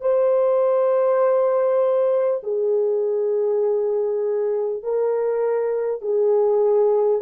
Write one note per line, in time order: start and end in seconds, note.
0.00 2.40 C5
2.43 4.83 G#4
4.83 6.01 A#4
6.01 7.21 G#4